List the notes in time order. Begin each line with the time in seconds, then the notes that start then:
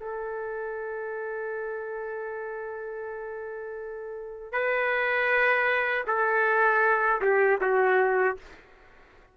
0.00 A4
4.52 B4
6.07 A4
7.22 G4
7.61 F#4